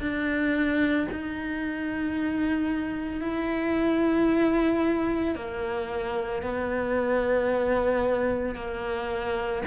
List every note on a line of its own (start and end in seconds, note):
0.00 1.07 D4
1.12 3.21 D#4
3.21 5.35 E4
5.35 6.42 A#3
6.42 8.55 B3
8.55 9.62 A#3